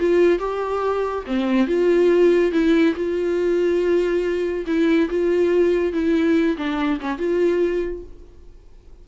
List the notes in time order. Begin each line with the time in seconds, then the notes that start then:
0.00 F4
0.39 G4
1.27 C4
1.67 F4
2.52 E4
2.95 F4
4.67 E4
5.10 F4
5.93 E4
6.57 D4
7.01 C#4
7.18 F4